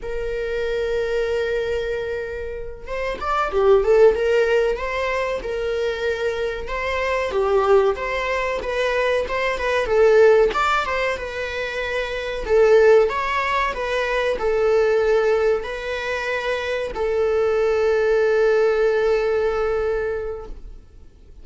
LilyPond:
\new Staff \with { instrumentName = "viola" } { \time 4/4 \tempo 4 = 94 ais'1~ | ais'8 c''8 d''8 g'8 a'8 ais'4 c''8~ | c''8 ais'2 c''4 g'8~ | g'8 c''4 b'4 c''8 b'8 a'8~ |
a'8 d''8 c''8 b'2 a'8~ | a'8 cis''4 b'4 a'4.~ | a'8 b'2 a'4.~ | a'1 | }